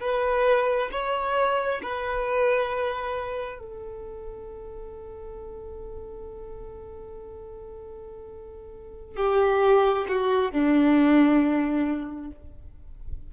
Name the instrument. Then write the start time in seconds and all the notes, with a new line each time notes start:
violin
0.00 B4
0.92 C#5
1.82 B4
3.59 A4
9.16 G4
10.08 F#4
10.52 D4